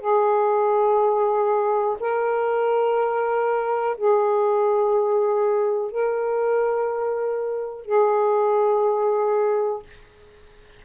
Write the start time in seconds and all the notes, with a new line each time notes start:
0.00 G#4
2.00 A#4
3.97 G#4
5.91 A#4
7.85 G#4